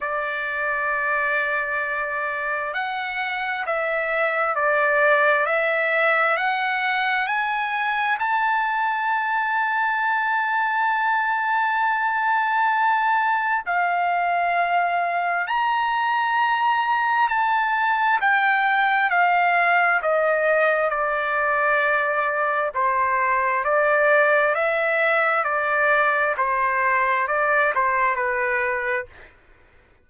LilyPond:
\new Staff \with { instrumentName = "trumpet" } { \time 4/4 \tempo 4 = 66 d''2. fis''4 | e''4 d''4 e''4 fis''4 | gis''4 a''2.~ | a''2. f''4~ |
f''4 ais''2 a''4 | g''4 f''4 dis''4 d''4~ | d''4 c''4 d''4 e''4 | d''4 c''4 d''8 c''8 b'4 | }